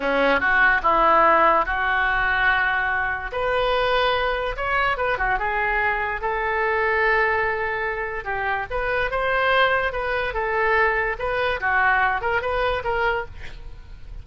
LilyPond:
\new Staff \with { instrumentName = "oboe" } { \time 4/4 \tempo 4 = 145 cis'4 fis'4 e'2 | fis'1 | b'2. cis''4 | b'8 fis'8 gis'2 a'4~ |
a'1 | g'4 b'4 c''2 | b'4 a'2 b'4 | fis'4. ais'8 b'4 ais'4 | }